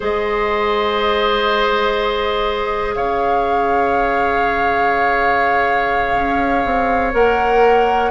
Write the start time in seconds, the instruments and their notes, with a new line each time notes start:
0.00 bassoon G#3, clarinet G#4, oboe C5, flute D#5
2.94 bassoon C#3, oboe C#5, flute F5
6.14 bassoon C#4
6.65 bassoon C4
7.13 bassoon A#3, clarinet A#4, flute F#5